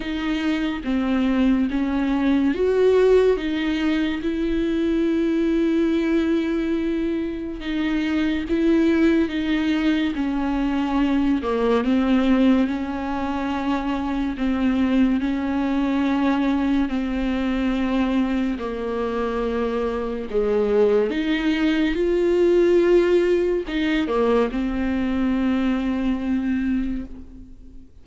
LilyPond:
\new Staff \with { instrumentName = "viola" } { \time 4/4 \tempo 4 = 71 dis'4 c'4 cis'4 fis'4 | dis'4 e'2.~ | e'4 dis'4 e'4 dis'4 | cis'4. ais8 c'4 cis'4~ |
cis'4 c'4 cis'2 | c'2 ais2 | gis4 dis'4 f'2 | dis'8 ais8 c'2. | }